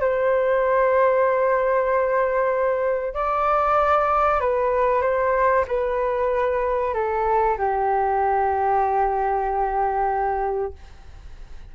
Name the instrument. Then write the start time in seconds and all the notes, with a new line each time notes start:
flute
0.00 C5
3.13 D5
4.40 B4
5.02 C5
5.67 B4
6.94 A4
7.57 G4